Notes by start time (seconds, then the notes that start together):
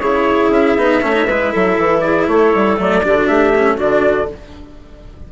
0.00 C#3 E4 G#4 C#5
0.50 C#4 E5
0.77 B3 D#4
1.02 A3 C#4 C#5
1.13 D#4
1.28 G#3 E4 B4
1.52 F#3 A4
1.78 E3
2.01 G#4 D5
2.28 A3 A4 C#5
2.55 G3
2.77 F#3 A3 D5
3.03 D3 D4 G4
3.17 F#4
3.27 A3 G4 E5
3.55 C#4
3.75 D4 F#4 D5
3.81 D3